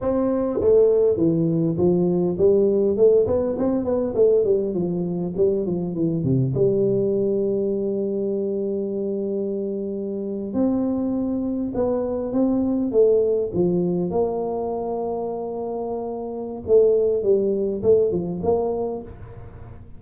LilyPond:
\new Staff \with { instrumentName = "tuba" } { \time 4/4 \tempo 4 = 101 c'4 a4 e4 f4 | g4 a8 b8 c'8 b8 a8 g8 | f4 g8 f8 e8 c8 g4~ | g1~ |
g4.~ g16 c'2 b16~ | b8. c'4 a4 f4 ais16~ | ais1 | a4 g4 a8 f8 ais4 | }